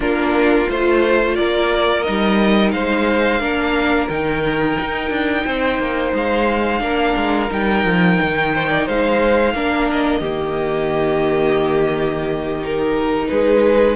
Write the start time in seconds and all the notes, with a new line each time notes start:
0.00 A#3 D4 F4 A#4
0.67 A3 F4 C5
1.35 A#3 A#4 D5
2.02 G3 D#4 D#5
2.71 G#3 C5 F5
3.39 A#3 D4 A#4
4.09 D#3 D#4 G5
4.80 D#4
5.10 D4
5.45 C4 C5
5.78 A#3
6.13 G#3 F5
6.79 A#3 D4 A#4
7.16 G#3
7.49 G3 D#4 G5
7.84 F3
8.21 D#3
8.54 C5
8.68 D5
8.85 G#3 C5 F5
9.53 A#3 D4 A#4
9.91 D#5
10.20 D#3 A#3 G4
12.61 D#4 A#4
13.28 G#3 G#4 B4